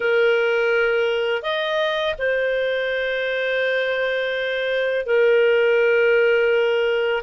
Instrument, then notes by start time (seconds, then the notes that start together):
clarinet
0.00 A#4
1.42 D#5
2.18 C5
5.06 A#4